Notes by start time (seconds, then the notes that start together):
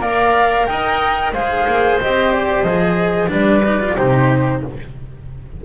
0.00 A#3 A#4 D5 F5
0.66 D#4 D#5 G5
1.33 G#3 G#4 C5 F5
1.67 A#3
2.01 C4 G4 D#5
2.32 D5
2.63 F3 G#4 D#5
3.28 G3 D4 B4 D5
3.65 D#4
3.80 F4
3.96 C3 D#4 G4 C5